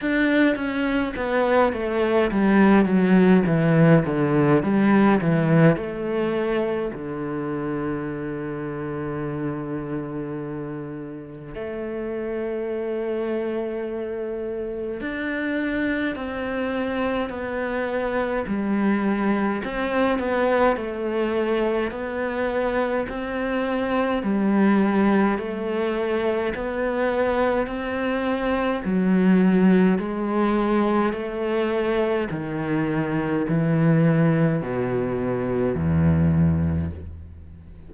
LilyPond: \new Staff \with { instrumentName = "cello" } { \time 4/4 \tempo 4 = 52 d'8 cis'8 b8 a8 g8 fis8 e8 d8 | g8 e8 a4 d2~ | d2 a2~ | a4 d'4 c'4 b4 |
g4 c'8 b8 a4 b4 | c'4 g4 a4 b4 | c'4 fis4 gis4 a4 | dis4 e4 b,4 e,4 | }